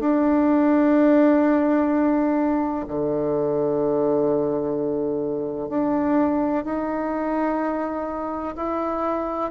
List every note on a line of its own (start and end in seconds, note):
0.00 2.86 D4
2.88 5.70 D3
5.70 6.65 D4
6.65 8.55 D#4
8.56 9.52 E4